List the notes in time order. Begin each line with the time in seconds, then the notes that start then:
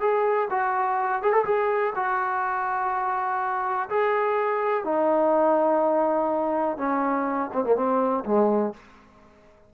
0.00 G#4
0.50 F#4
1.22 G#4
1.32 A4
1.45 G#4
1.95 F#4
3.89 G#4
4.84 D#4
6.77 C#4
7.53 C4
7.64 A#3
7.76 C4
8.25 G#3